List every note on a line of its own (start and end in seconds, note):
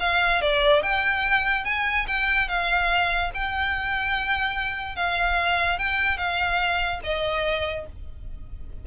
0.00 0.41 F5
0.41 0.83 D5
0.83 1.65 G5
1.65 2.06 G#5
2.07 2.48 G5
2.48 3.31 F5
3.34 4.96 G5
4.96 5.79 F5
5.79 6.18 G5
6.18 7.00 F5
7.03 7.86 D#5